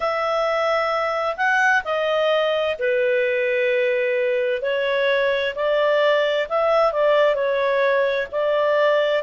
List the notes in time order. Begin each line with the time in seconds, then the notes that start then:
0.00 E5
1.36 F#5
1.84 D#5
2.78 B4
4.62 C#5
5.55 D5
6.49 E5
6.92 D5
7.35 C#5
8.31 D5